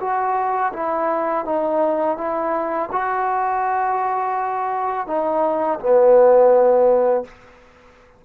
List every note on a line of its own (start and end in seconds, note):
0.00 0.72 F#4
0.73 1.45 E4
1.45 2.17 D#4
2.17 2.89 E4
2.92 5.07 F#4
5.07 5.79 D#4
5.80 7.24 B3